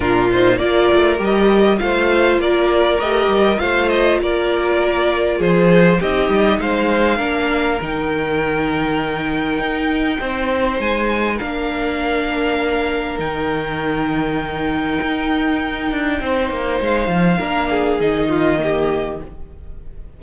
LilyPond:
<<
  \new Staff \with { instrumentName = "violin" } { \time 4/4 \tempo 4 = 100 ais'8 c''8 d''4 dis''4 f''4 | d''4 dis''4 f''8 dis''8 d''4~ | d''4 c''4 dis''4 f''4~ | f''4 g''2.~ |
g''2 gis''4 f''4~ | f''2 g''2~ | g''1 | f''2 dis''2 | }
  \new Staff \with { instrumentName = "violin" } { \time 4/4 f'4 ais'2 c''4 | ais'2 c''4 ais'4~ | ais'4 gis'4 g'4 c''4 | ais'1~ |
ais'4 c''2 ais'4~ | ais'1~ | ais'2. c''4~ | c''4 ais'8 gis'4 f'8 g'4 | }
  \new Staff \with { instrumentName = "viola" } { \time 4/4 d'8 dis'8 f'4 g'4 f'4~ | f'4 g'4 f'2~ | f'2 dis'2 | d'4 dis'2.~ |
dis'2. d'4~ | d'2 dis'2~ | dis'1~ | dis'4 d'4 dis'4 ais4 | }
  \new Staff \with { instrumentName = "cello" } { \time 4/4 ais,4 ais8 a8 g4 a4 | ais4 a8 g8 a4 ais4~ | ais4 f4 c'8 g8 gis4 | ais4 dis2. |
dis'4 c'4 gis4 ais4~ | ais2 dis2~ | dis4 dis'4. d'8 c'8 ais8 | gis8 f8 ais4 dis2 | }
>>